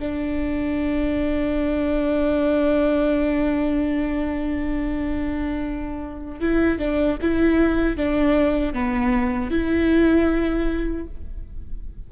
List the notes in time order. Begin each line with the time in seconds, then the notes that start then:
0.00 D4
6.41 E4
6.79 D4
7.22 E4
7.97 D4
8.74 B3
9.51 E4